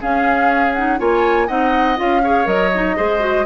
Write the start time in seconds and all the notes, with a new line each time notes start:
0.00 C#4 G#4 F5
0.73 D#4 F#5
0.98 A#3 F4 C#5 G#5
1.47 C4 D#4 D#5 F#5
1.96 C#4 F4 F5
2.23 G#4 C#5
2.45 F#3 A#4 D#5
2.74 D#4
2.96 G#3 G#4 C5
3.19 F#4